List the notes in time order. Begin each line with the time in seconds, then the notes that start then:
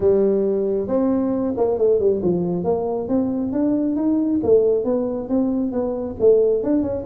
0.00 G3
0.87 C4
1.56 A#3
1.78 A3
1.99 G3
2.22 F3
2.64 A#3
3.08 C4
3.52 D4
3.96 D#4
4.43 A3
4.84 B3
5.28 C4
5.72 B3
6.19 A3
6.63 D4
6.82 C#4